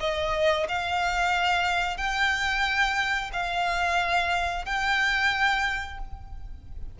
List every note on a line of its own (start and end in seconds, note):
0.00 0.67 D#5
0.68 1.97 F5
1.97 3.31 G5
3.33 4.65 F5
4.65 5.98 G5